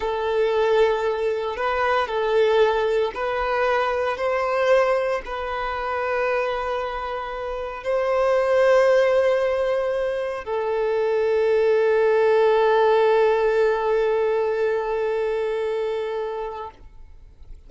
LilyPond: \new Staff \with { instrumentName = "violin" } { \time 4/4 \tempo 4 = 115 a'2. b'4 | a'2 b'2 | c''2 b'2~ | b'2. c''4~ |
c''1 | a'1~ | a'1~ | a'1 | }